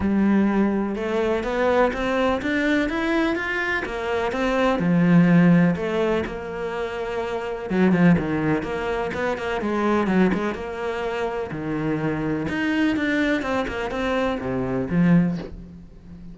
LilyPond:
\new Staff \with { instrumentName = "cello" } { \time 4/4 \tempo 4 = 125 g2 a4 b4 | c'4 d'4 e'4 f'4 | ais4 c'4 f2 | a4 ais2. |
fis8 f8 dis4 ais4 b8 ais8 | gis4 fis8 gis8 ais2 | dis2 dis'4 d'4 | c'8 ais8 c'4 c4 f4 | }